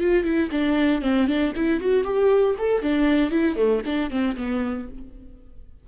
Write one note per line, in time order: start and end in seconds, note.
0.00 0.24 F4
0.24 0.50 E4
0.52 1.02 D4
1.02 1.28 C4
1.28 1.53 D4
1.56 1.81 E4
1.81 2.04 F#4
2.04 2.55 G4
2.59 2.82 A4
2.82 3.31 D4
3.31 3.56 E4
3.56 3.82 A3
3.86 4.10 D4
4.10 4.36 C4
4.37 4.88 B3